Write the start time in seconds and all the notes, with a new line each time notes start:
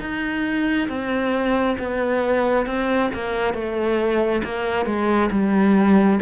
0.00 D#4
0.89 C4
1.79 B3
2.66 C4
3.14 A#3
3.54 A3
4.44 A#3
4.86 G#3
5.31 G3